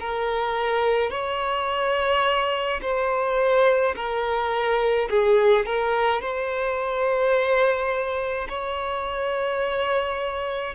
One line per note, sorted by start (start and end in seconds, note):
0.00 1.11 A#4
1.11 2.80 C#5
2.82 3.95 C5
3.96 5.09 A#4
5.09 5.66 G#4
5.66 6.21 A#4
6.21 8.48 C5
8.49 10.74 C#5